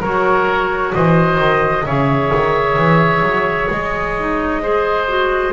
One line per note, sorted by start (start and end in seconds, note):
0.00 0.93 F#3
0.00 1.86 F#4
0.00 0.92 A#4
0.00 0.93 C#5
0.93 1.38 E3
0.93 1.85 C5
0.93 1.85 D#5
1.38 1.84 D#3
1.85 2.32 C#3
1.85 4.17 G#4
1.85 4.62 C#5
1.85 3.70 E5
2.34 2.77 D#3
2.77 3.22 E3
3.22 3.68 F#3
3.70 5.53 G#3
3.70 5.53 D#5
4.18 4.62 D#4
4.62 5.08 G#4
4.62 5.53 C5
5.08 5.53 F#4